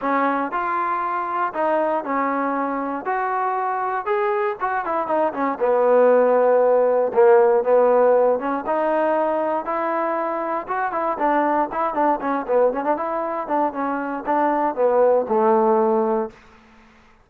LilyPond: \new Staff \with { instrumentName = "trombone" } { \time 4/4 \tempo 4 = 118 cis'4 f'2 dis'4 | cis'2 fis'2 | gis'4 fis'8 e'8 dis'8 cis'8 b4~ | b2 ais4 b4~ |
b8 cis'8 dis'2 e'4~ | e'4 fis'8 e'8 d'4 e'8 d'8 | cis'8 b8 cis'16 d'16 e'4 d'8 cis'4 | d'4 b4 a2 | }